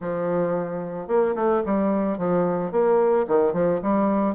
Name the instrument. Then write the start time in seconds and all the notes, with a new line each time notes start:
bassoon
0.00 F3
1.07 A#3
1.35 A3
1.65 G3
2.18 F3
2.71 A#3
3.27 D#3
3.53 F3
3.82 G3